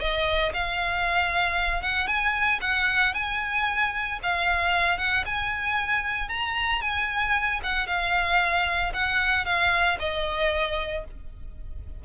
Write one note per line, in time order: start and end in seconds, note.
0.00 0.53 D#5
0.54 1.83 F5
1.83 2.07 F#5
2.07 2.60 G#5
2.61 3.14 F#5
3.14 4.19 G#5
4.23 4.98 F5
4.98 5.24 F#5
5.26 6.29 G#5
6.29 6.81 A#5
6.81 7.60 G#5
7.63 7.87 F#5
7.87 8.92 F5
8.94 9.45 F#5
9.45 9.98 F5
10.00 11.05 D#5